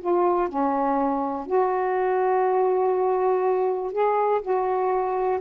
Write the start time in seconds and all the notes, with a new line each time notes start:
0.00 F4
0.48 C#4
1.46 F#4
3.92 G#4
4.41 F#4